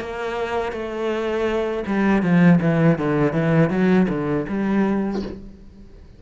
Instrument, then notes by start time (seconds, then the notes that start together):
cello
0.00 A#3
0.72 A3
1.86 G3
2.22 F3
2.61 E3
2.98 D3
3.32 E3
3.70 F#3
4.08 D3
4.48 G3